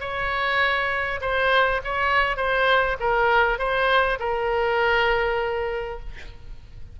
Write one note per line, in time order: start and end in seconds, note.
0.00 1.20 C#5
1.21 1.81 C5
1.84 2.36 C#5
2.36 2.96 C5
2.99 3.59 A#4
3.59 4.19 C5
4.19 5.99 A#4